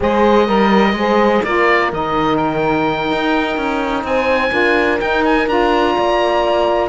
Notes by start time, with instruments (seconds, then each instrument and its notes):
0.00 cello G#3, saxophone G#4, horn C5, oboe D#5
0.46 cello G3, saxophone A#4, horn A#4
0.92 cello G#3, saxophone G#4, horn C5
1.44 cello A#3, saxophone F4, horn A#4, oboe D5
1.91 cello D#3, saxophone D#4, oboe D#5
2.37 oboe G5
3.11 cello D#4
3.56 cello C#4
4.03 cello C4, horn C5, oboe G#5
4.50 cello D4, saxophone F4, horn A#4
5.00 cello D#4, saxophone D#4, oboe G5
5.25 oboe G#5
5.47 cello D4, saxophone F4, oboe A#5
5.96 cello A#3, horn D5